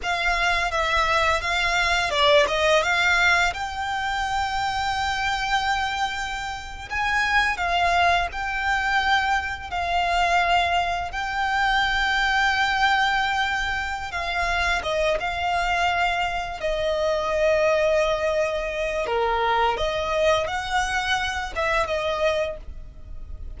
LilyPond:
\new Staff \with { instrumentName = "violin" } { \time 4/4 \tempo 4 = 85 f''4 e''4 f''4 d''8 dis''8 | f''4 g''2.~ | g''4.~ g''16 gis''4 f''4 g''16~ | g''4.~ g''16 f''2 g''16~ |
g''1 | f''4 dis''8 f''2 dis''8~ | dis''2. ais'4 | dis''4 fis''4. e''8 dis''4 | }